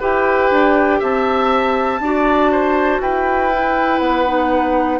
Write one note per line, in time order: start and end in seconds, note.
0.00 0.51 E4
0.00 2.00 G4
0.00 1.00 B4
0.00 1.02 G5
0.51 1.01 D4
1.00 2.00 C4
1.00 2.00 E5
1.00 3.02 A5
2.00 3.00 D4
2.00 3.52 F#4
2.00 2.51 D5
2.51 3.01 C5
3.00 4.00 E4
3.00 5.00 B4
3.00 3.99 G5
3.52 4.26 E4
3.99 5.00 B3
3.99 4.99 F#5
4.26 5.00 D#4